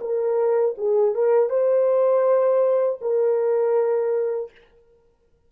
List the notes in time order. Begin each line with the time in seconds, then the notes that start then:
0.00 A#4
0.77 G#4
1.15 A#4
1.49 C5
3.01 A#4